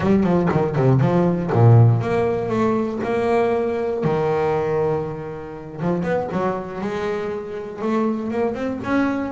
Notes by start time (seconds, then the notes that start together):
0.00 G3
0.23 F3
0.51 D#3
0.75 C3
1.00 F3
1.52 A#2
2.01 A#3
2.48 A3
3.03 A#3
4.04 D#3
5.81 F3
6.03 B3
6.32 F#3
6.81 G#3
7.81 A3
8.30 A#3
8.54 C4
8.83 C#4